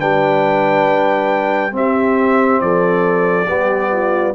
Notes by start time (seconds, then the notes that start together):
0.00 G3 D4 B4 G5
1.72 C4 G4 E5
2.61 F3 A4 D5
3.48 G3 B3 G4
3.93 F4